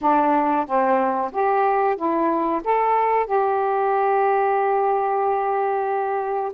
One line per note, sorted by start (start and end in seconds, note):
0.01 0.66 D4
0.66 1.31 C4
1.32 1.96 G4
1.96 2.61 E4
2.64 3.26 A4
3.26 6.52 G4